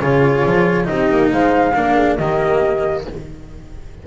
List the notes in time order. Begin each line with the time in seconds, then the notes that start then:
0.00 C#3 F4 G#4 C#5
0.45 F3
0.85 C4 D#4 G4 D#5
1.11 A#3
1.33 G#3 C5 F5
1.75 A#3 D4 A#4
1.97 G#4
2.17 D#3 A#3 G4 D#5